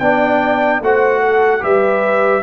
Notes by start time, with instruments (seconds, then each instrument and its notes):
0.00 tuba B3, trombone D4, horn D5, trumpet G5
0.81 tuba A3, trombone F#4, horn C5, trumpet F#5
1.21 horn A4
1.61 tuba G3, trombone G4, horn B4, trumpet E5